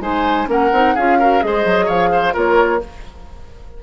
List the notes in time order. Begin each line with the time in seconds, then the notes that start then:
0.00 G#3 D#4 C5 G#5
0.46 A#3 C#4 A#4 F#5
0.72 C4 D#4
0.95 C#4 F4 G#4 F5
1.19 F#4 A#4
1.41 G#3 G#4 D#5
1.47 C5
1.65 F#3
1.85 F3 C#5 F5
2.12 C5
2.33 A#3 F4 A#4 C#5